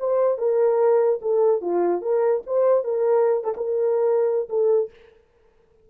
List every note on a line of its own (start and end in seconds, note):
0.00 0.38 C5
0.38 1.20 A#4
1.22 1.61 A4
1.61 2.02 F4
2.02 2.43 A#4
2.47 2.84 C5
2.84 3.45 A#4
3.45 3.55 A4
3.57 4.49 A#4
4.50 4.90 A4